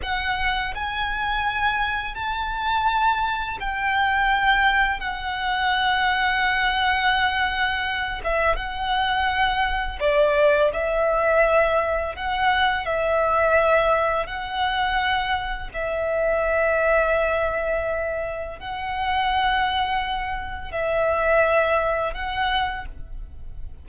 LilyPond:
\new Staff \with { instrumentName = "violin" } { \time 4/4 \tempo 4 = 84 fis''4 gis''2 a''4~ | a''4 g''2 fis''4~ | fis''2.~ fis''8 e''8 | fis''2 d''4 e''4~ |
e''4 fis''4 e''2 | fis''2 e''2~ | e''2 fis''2~ | fis''4 e''2 fis''4 | }